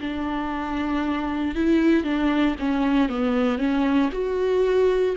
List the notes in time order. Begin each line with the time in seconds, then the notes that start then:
0.00 D4
1.55 E4
2.04 D4
2.59 C#4
3.09 B3
3.58 C#4
4.12 F#4